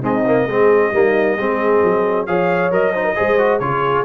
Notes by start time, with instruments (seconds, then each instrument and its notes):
0.00 trombone G#3, tuba C4, horn D#4, trumpet D#5
0.26 trombone A#3
0.46 tuba G#3, trombone C4, horn G#4
0.93 tuba G3, trombone A#3, horn D#4
1.37 tuba G#3, trombone C4, horn G#4
1.83 tuba F#3
2.26 tuba F3, trombone G#4, horn C#5, trumpet F5
2.72 tuba F#3, trombone A#4, trumpet D#5
2.94 trombone D#4, horn C5
3.05 horn A#4
3.16 tuba G#3, trombone G#4, horn C5
3.38 trombone F#4
3.60 tuba C#3, trombone F4, horn G#4, trumpet C#5